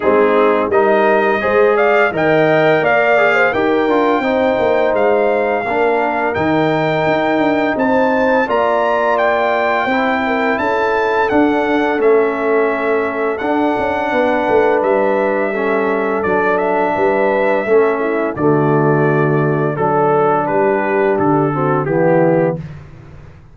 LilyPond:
<<
  \new Staff \with { instrumentName = "trumpet" } { \time 4/4 \tempo 4 = 85 gis'4 dis''4. f''8 g''4 | f''4 g''2 f''4~ | f''4 g''2 a''4 | ais''4 g''2 a''4 |
fis''4 e''2 fis''4~ | fis''4 e''2 d''8 e''8~ | e''2 d''2 | a'4 b'4 a'4 g'4 | }
  \new Staff \with { instrumentName = "horn" } { \time 4/4 dis'4 ais'4 c''8 d''8 dis''4 | d''8. c''16 ais'4 c''2 | ais'2. c''4 | d''2 c''8 ais'8 a'4~ |
a'1 | b'2 a'2 | b'4 a'8 e'8 fis'2 | a'4 g'4. fis'8 e'4 | }
  \new Staff \with { instrumentName = "trombone" } { \time 4/4 c'4 dis'4 gis'4 ais'4~ | ais'8 gis'8 g'8 f'8 dis'2 | d'4 dis'2. | f'2 e'2 |
d'4 cis'2 d'4~ | d'2 cis'4 d'4~ | d'4 cis'4 a2 | d'2~ d'8 c'8 b4 | }
  \new Staff \with { instrumentName = "tuba" } { \time 4/4 gis4 g4 gis4 dis4 | ais4 dis'8 d'8 c'8 ais8 gis4 | ais4 dis4 dis'8 d'8 c'4 | ais2 c'4 cis'4 |
d'4 a2 d'8 cis'8 | b8 a8 g2 fis4 | g4 a4 d2 | fis4 g4 d4 e4 | }
>>